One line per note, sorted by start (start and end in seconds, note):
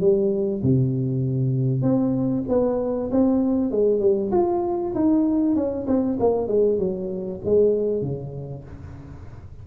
0.00 0.62 G3
0.63 1.82 C3
1.82 2.44 C4
2.49 3.11 B3
3.11 3.71 C4
3.71 4.00 G#3
4.00 4.31 G3
4.32 4.94 F4
4.95 5.56 D#4
5.56 5.87 C#4
5.87 6.18 C4
6.20 6.48 A#3
6.48 6.79 G#3
6.79 7.41 F#3
7.45 8.02 G#3
8.02 8.64 C#3